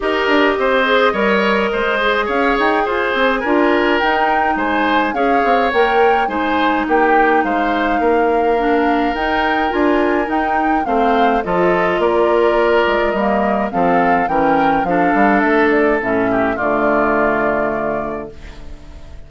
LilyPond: <<
  \new Staff \with { instrumentName = "flute" } { \time 4/4 \tempo 4 = 105 dis''1 | f''8 g''8 gis''2 g''4 | gis''4 f''4 g''4 gis''4 | g''4 f''2. |
g''4 gis''4 g''4 f''4 | dis''4 d''2 dis''4 | f''4 g''4 f''4 e''8 d''8 | e''4 d''2. | }
  \new Staff \with { instrumentName = "oboe" } { \time 4/4 ais'4 c''4 cis''4 c''4 | cis''4 c''4 ais'2 | c''4 cis''2 c''4 | g'4 c''4 ais'2~ |
ais'2. c''4 | a'4 ais'2. | a'4 ais'4 a'2~ | a'8 g'8 f'2. | }
  \new Staff \with { instrumentName = "clarinet" } { \time 4/4 g'4. gis'8 ais'4. gis'8~ | gis'2 f'4 dis'4~ | dis'4 gis'4 ais'4 dis'4~ | dis'2. d'4 |
dis'4 f'4 dis'4 c'4 | f'2. ais4 | c'4 cis'4 d'2 | cis'4 a2. | }
  \new Staff \with { instrumentName = "bassoon" } { \time 4/4 dis'8 d'8 c'4 g4 gis4 | cis'8 dis'8 f'8 c'8 d'4 dis'4 | gis4 cis'8 c'8 ais4 gis4 | ais4 gis4 ais2 |
dis'4 d'4 dis'4 a4 | f4 ais4. gis8 g4 | f4 e4 f8 g8 a4 | a,4 d2. | }
>>